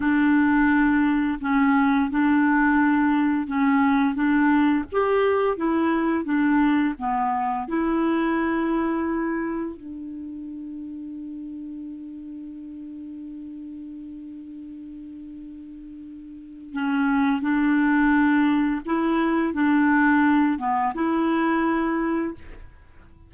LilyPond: \new Staff \with { instrumentName = "clarinet" } { \time 4/4 \tempo 4 = 86 d'2 cis'4 d'4~ | d'4 cis'4 d'4 g'4 | e'4 d'4 b4 e'4~ | e'2 d'2~ |
d'1~ | d'1 | cis'4 d'2 e'4 | d'4. b8 e'2 | }